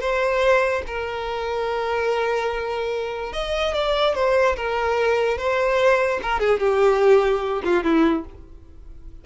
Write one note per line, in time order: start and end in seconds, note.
0.00 0.82 C5
0.86 3.33 A#4
3.33 3.74 D#5
3.74 4.15 D5
4.15 4.56 C5
4.56 5.38 A#4
5.38 6.20 C5
6.22 6.39 A#4
6.39 6.60 G#4
6.60 7.62 G4
7.64 7.83 F4
7.83 8.24 E4